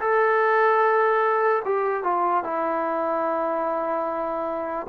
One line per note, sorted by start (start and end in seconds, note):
0.00 1.62 A4
1.65 2.03 G4
2.03 2.44 F4
2.44 4.87 E4